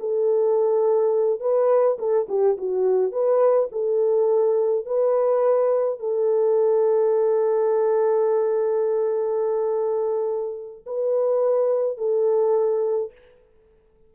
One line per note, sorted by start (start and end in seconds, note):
0.00 1.41 A4
1.41 1.98 B4
1.99 2.28 A4
2.29 2.57 G4
2.58 3.12 F#4
3.12 3.69 B4
3.72 4.86 A4
4.86 6.00 B4
6.00 10.85 A4
10.86 11.98 B4
11.98 13.12 A4